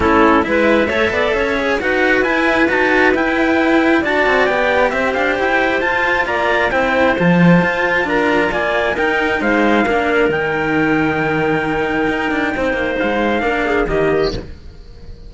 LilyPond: <<
  \new Staff \with { instrumentName = "trumpet" } { \time 4/4 \tempo 4 = 134 a'4 e''2. | fis''4 gis''4 a''4 g''4~ | g''4 a''4 g''4 e''8 f''8 | g''4 a''4 ais''4 g''4 |
a''2 ais''4 gis''4 | g''4 f''2 g''4~ | g''1~ | g''4 f''2 dis''4 | }
  \new Staff \with { instrumentName = "clarinet" } { \time 4/4 e'4 b'4 cis''8 d''8 cis''4 | b'1~ | b'4 d''2 c''4~ | c''2 d''4 c''4~ |
c''2 ais'4 d''4 | ais'4 c''4 ais'2~ | ais'1 | c''2 ais'8 gis'8 g'4 | }
  \new Staff \with { instrumentName = "cello" } { \time 4/4 cis'4 e'4 a'4. gis'8 | fis'4 e'4 fis'4 e'4~ | e'4 fis'4 g'2~ | g'4 f'2 e'4 |
f'1 | dis'2 d'4 dis'4~ | dis'1~ | dis'2 d'4 ais4 | }
  \new Staff \with { instrumentName = "cello" } { \time 4/4 a4 gis4 a8 b8 cis'4 | dis'4 e'4 dis'4 e'4~ | e'4 d'8 c'8 b4 c'8 d'8 | e'4 f'4 ais4 c'4 |
f4 f'4 d'4 ais4 | dis'4 gis4 ais4 dis4~ | dis2. dis'8 d'8 | c'8 ais8 gis4 ais4 dis4 | }
>>